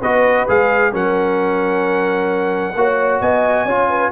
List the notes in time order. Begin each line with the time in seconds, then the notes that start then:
0.00 B3 F#4 B4 D#5
0.48 G#3 G#4 F5
0.92 F#3 C#4 A#4 F#5
2.75 A#3 F#4 C#5
3.21 B3 D#5 G#5
3.65 C#4 F4 C#5
3.89 B4